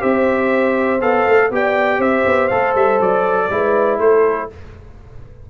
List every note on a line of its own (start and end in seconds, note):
0.00 1.01 C4
0.00 0.99 G4
0.00 1.49 C5
0.00 1.01 E5
1.01 1.25 B3
1.01 1.51 A4
1.01 1.51 F5
1.27 1.50 A3
1.50 1.99 B3
1.50 2.50 G4
1.50 1.98 D5
1.50 2.01 G5
1.98 2.24 C4
1.98 3.47 C5
1.98 2.48 E5
2.26 2.50 B3
2.48 2.75 A3
2.48 3.49 A4
2.48 2.73 F5
2.75 3.00 G3
2.75 3.01 E5
3.00 3.50 F#3
3.00 3.99 D5
3.50 3.99 G#3
3.50 4.50 E4
3.50 4.00 B4
3.99 4.48 A3
3.99 4.49 A4
3.99 4.49 C5